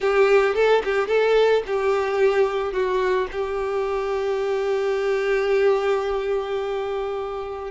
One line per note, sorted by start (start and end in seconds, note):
0.00 0.55 G4
0.55 0.82 A4
0.84 1.07 G4
1.07 1.62 A4
1.66 2.72 G4
2.72 3.27 F#4
3.31 7.71 G4